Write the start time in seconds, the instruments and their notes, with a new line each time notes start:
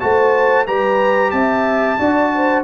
0.00 tuba A3, trombone F#4, horn C5, trumpet A5
0.66 tuba G3, trombone G4, horn B4, trumpet A#5
1.31 tuba C4, horn E5, trumpet A5
1.99 tuba D4, trombone F#4, horn D5
2.35 horn C5